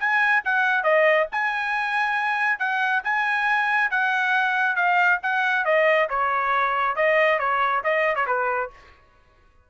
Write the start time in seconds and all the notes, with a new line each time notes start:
0.00 G#5
0.45 F#5
0.84 D#5
1.32 G#5
2.59 F#5
3.04 G#5
3.91 F#5
4.76 F5
5.23 F#5
5.65 D#5
6.10 C#5
6.96 D#5
7.39 C#5
7.84 D#5
8.16 C#5
8.27 B4